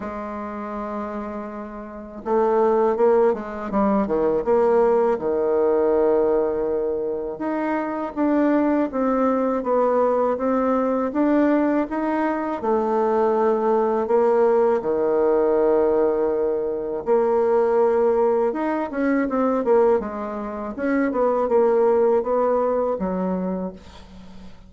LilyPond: \new Staff \with { instrumentName = "bassoon" } { \time 4/4 \tempo 4 = 81 gis2. a4 | ais8 gis8 g8 dis8 ais4 dis4~ | dis2 dis'4 d'4 | c'4 b4 c'4 d'4 |
dis'4 a2 ais4 | dis2. ais4~ | ais4 dis'8 cis'8 c'8 ais8 gis4 | cis'8 b8 ais4 b4 fis4 | }